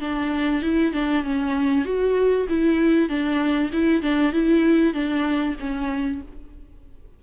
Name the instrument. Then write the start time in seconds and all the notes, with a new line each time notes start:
viola
0.00 D4
0.62 E4
0.93 D4
1.24 C#4
1.85 F#4
2.49 E4
3.09 D4
3.73 E4
4.02 D4
4.32 E4
4.93 D4
5.60 C#4